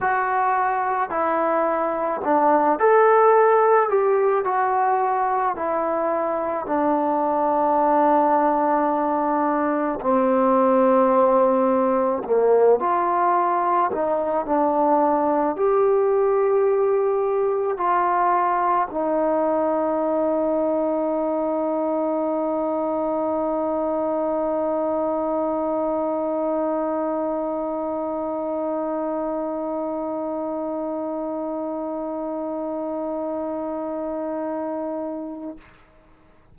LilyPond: \new Staff \with { instrumentName = "trombone" } { \time 4/4 \tempo 4 = 54 fis'4 e'4 d'8 a'4 g'8 | fis'4 e'4 d'2~ | d'4 c'2 ais8 f'8~ | f'8 dis'8 d'4 g'2 |
f'4 dis'2.~ | dis'1~ | dis'1~ | dis'1 | }